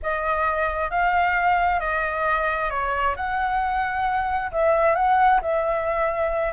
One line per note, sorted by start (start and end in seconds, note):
0.02 0.90 D#5
0.90 1.80 F5
1.80 2.70 D#5
2.70 3.15 C#5
3.16 4.51 F#5
4.51 4.95 E5
4.95 5.40 F#5
5.41 6.53 E5